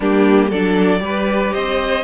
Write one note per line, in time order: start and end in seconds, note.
0.00 0.51 G3
0.00 0.52 A#3
0.00 0.48 D4
0.00 0.51 G4
0.49 1.01 F#3
0.49 0.99 D4
0.49 1.00 A4
0.49 1.53 D5
0.99 1.52 G3
0.99 2.02 G4
0.99 1.53 B4
1.53 2.04 C4
1.53 2.04 C5
1.53 2.04 D#5